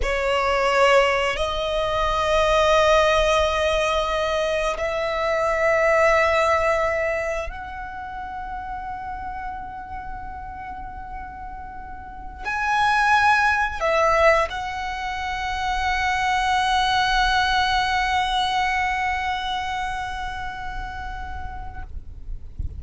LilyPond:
\new Staff \with { instrumentName = "violin" } { \time 4/4 \tempo 4 = 88 cis''2 dis''2~ | dis''2. e''4~ | e''2. fis''4~ | fis''1~ |
fis''2~ fis''16 gis''4.~ gis''16~ | gis''16 e''4 fis''2~ fis''8.~ | fis''1~ | fis''1 | }